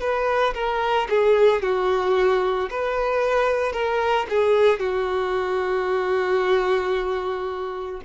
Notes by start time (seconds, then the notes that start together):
0.00 B4
0.54 A#4
1.09 G#4
1.62 F#4
2.70 B4
3.72 A#4
4.29 G#4
4.79 F#4